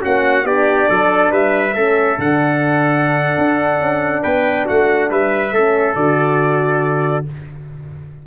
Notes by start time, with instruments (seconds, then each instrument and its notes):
0.00 tuba A#3, horn C#4, trumpet F#4 F#5
0.44 tuba B3, horn D4, trumpet G4 D5
0.89 tuba F#3, trumpet A4
1.31 tuba G3, trumpet B4 E5
1.74 tuba A3, horn C#4, trumpet A4
2.17 tuba D3, horn D4, trumpet F#5
3.38 tuba D4
3.79 tuba C#4
4.22 tuba B3, trumpet B4 G5
4.66 tuba A3, trumpet F#4 F#5
5.10 tuba G3, trumpet B4 E5
5.52 tuba A3, horn C#4, trumpet A4
5.95 tuba D3, horn F#4, trumpet D5